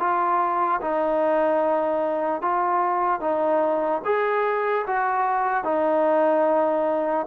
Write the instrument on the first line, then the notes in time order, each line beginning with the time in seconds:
trombone
0.00 F4
0.82 D#4
2.42 F4
3.21 D#4
4.05 G#4
4.87 F#4
5.65 D#4